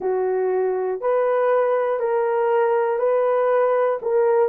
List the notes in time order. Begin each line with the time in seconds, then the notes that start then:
0.00 F#4
1.00 B4
1.99 A#4
2.98 B4
4.01 A#4